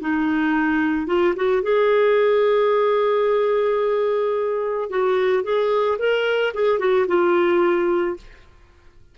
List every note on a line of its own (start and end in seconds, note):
0.00 1.07 D#4
1.07 1.34 F4
1.36 1.63 F#4
1.63 4.90 G#4
4.90 5.43 F#4
5.43 5.98 G#4
5.98 6.53 A#4
6.54 6.79 G#4
6.79 7.06 F#4
7.07 8.16 F4